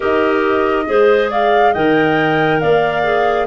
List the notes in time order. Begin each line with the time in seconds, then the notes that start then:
0.00 D#4 G4 A#4 D#5
0.85 G#3 G#4 C5
1.30 D5 F5
1.72 D#3 A#4 D#5 G5
2.59 A#3 D5 F5
3.03 G#4